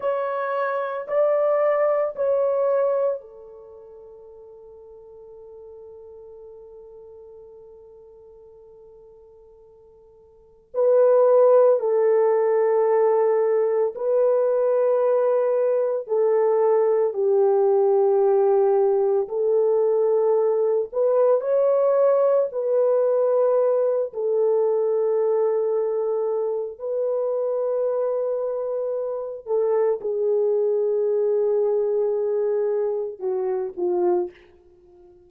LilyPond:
\new Staff \with { instrumentName = "horn" } { \time 4/4 \tempo 4 = 56 cis''4 d''4 cis''4 a'4~ | a'1~ | a'2 b'4 a'4~ | a'4 b'2 a'4 |
g'2 a'4. b'8 | cis''4 b'4. a'4.~ | a'4 b'2~ b'8 a'8 | gis'2. fis'8 f'8 | }